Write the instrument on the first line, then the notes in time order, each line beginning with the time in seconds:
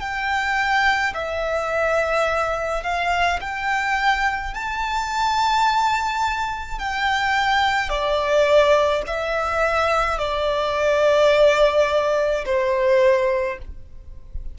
violin
0.00 G5
1.14 E5
2.83 F5
3.41 G5
4.54 A5
6.79 G5
7.89 D5
9.07 E5
10.18 D5
12.45 C5